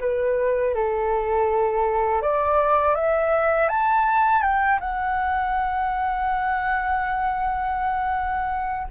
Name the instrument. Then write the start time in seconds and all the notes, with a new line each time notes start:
flute
0.00 B4
0.74 A4
2.22 D5
2.95 E5
3.68 A5
4.42 G5
4.80 F#5